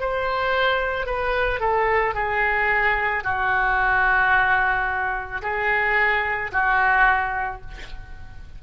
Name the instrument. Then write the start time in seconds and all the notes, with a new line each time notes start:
oboe
0.00 C5
1.06 B4
1.60 A4
2.14 G#4
3.23 F#4
5.42 G#4
6.52 F#4